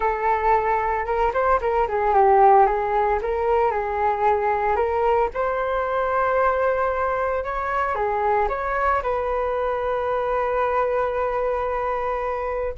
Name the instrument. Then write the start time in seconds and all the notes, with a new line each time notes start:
flute
0.00 A4
1.05 A#4
1.33 C5
1.60 A#4
1.88 G#4
2.14 G4
2.66 G#4
3.22 A#4
3.71 G#4
4.76 A#4
5.34 C5
7.44 C#5
7.95 G#4
8.49 C#5
9.02 B4